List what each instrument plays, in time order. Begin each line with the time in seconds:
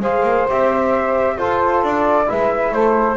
0.00 double bass G#3, trombone G#4, saxophone C5, flute F5
0.23 double bass A#3
0.49 double bass C4, trombone G4, flute E5
1.36 trombone F4, double bass F4, saxophone A4, flute C5
1.83 double bass D4, flute D5
2.26 double bass G#3, trombone E4, saxophone B4, flute E5
2.72 double bass A3, saxophone A4, flute C5